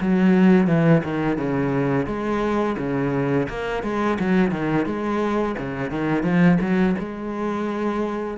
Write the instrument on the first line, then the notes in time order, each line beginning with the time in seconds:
cello
0.00 F#3
0.67 E3
1.03 D#3
1.37 C#3
2.06 G#3
2.77 C#3
3.49 A#3
3.83 G#3
4.19 F#3
4.51 D#3
4.85 G#3
5.58 C#3
5.90 D#3
6.23 F3
6.60 F#3
6.99 G#3